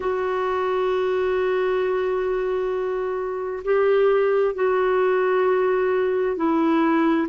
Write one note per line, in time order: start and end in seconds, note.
0.00 3.63 F#4
3.64 4.55 G4
4.55 6.36 F#4
6.36 7.27 E4